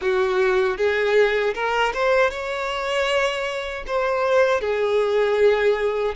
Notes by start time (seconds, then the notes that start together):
0.01 F#4
0.77 G#4
1.54 A#4
1.93 C5
2.30 C#5
3.86 C5
4.60 G#4